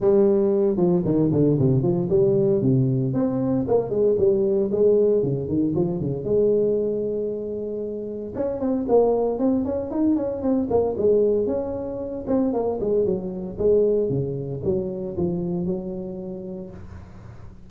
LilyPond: \new Staff \with { instrumentName = "tuba" } { \time 4/4 \tempo 4 = 115 g4. f8 dis8 d8 c8 f8 | g4 c4 c'4 ais8 gis8 | g4 gis4 cis8 dis8 f8 cis8 | gis1 |
cis'8 c'8 ais4 c'8 cis'8 dis'8 cis'8 | c'8 ais8 gis4 cis'4. c'8 | ais8 gis8 fis4 gis4 cis4 | fis4 f4 fis2 | }